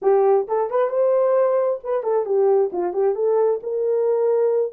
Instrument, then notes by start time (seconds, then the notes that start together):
horn
0.02 G4
0.48 A4
0.70 B4
0.89 C5
1.83 B4
2.03 A4
2.25 G4
2.72 F4
2.93 G4
3.15 A4
3.63 A#4